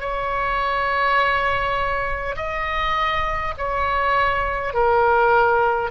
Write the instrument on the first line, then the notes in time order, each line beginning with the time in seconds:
oboe
0.00 C#5
2.36 D#5
3.57 C#5
4.73 A#4